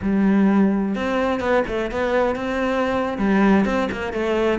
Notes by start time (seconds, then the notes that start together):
0.02 G3
0.95 C4
1.40 B3
1.67 A3
1.91 B3
2.35 C4
3.18 G3
3.65 C4
3.91 A#3
4.13 A3